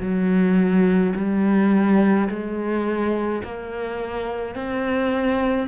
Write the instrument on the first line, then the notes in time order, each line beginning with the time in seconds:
cello
0.00 F#3
1.15 G3
2.29 G#3
3.44 A#3
4.55 C4